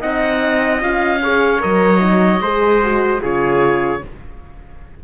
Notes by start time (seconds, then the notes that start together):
0.00 C4 D#4 D#5 F#5
0.80 C#4 F4 F5
1.22 G#4 C#5
1.60 F#3 A#4 D#5
2.00 D#4
2.40 G#3 G#4 C5
2.83 F#4
3.21 C#3 F4 G#4 C#5